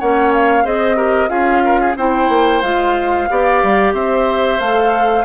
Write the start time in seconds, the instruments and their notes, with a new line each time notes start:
0.00 bassoon A#3, clarinet C#4, oboe C#5, flute F#5
0.34 flute F5
0.64 bassoon C4, clarinet G#4, oboe C5, flute D#5
0.97 clarinet G4, oboe A#4
1.29 bassoon C#4, clarinet F4, oboe G#4, flute F5
1.65 oboe A#4
1.81 oboe G#4
1.97 bassoon C4, clarinet E4, oboe C5, flute G5
2.29 bassoon A#3
2.62 bassoon G#3, clarinet F4, flute F5
3.30 bassoon B3, clarinet G4, oboe D5
3.64 bassoon G3
3.94 bassoon C4, oboe C5, flute E5
4.60 bassoon A3, clarinet A4, flute F5